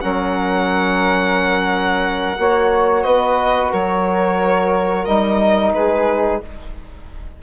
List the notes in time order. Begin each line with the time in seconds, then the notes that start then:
0.00 F#3 C#4 A#4 F#5
2.38 A#3 F#4 C#5
3.02 B3 B4 D#5
3.72 F#3 A#4 C#5
5.05 G3 D#4 D#5
5.73 G#3 G#4 B4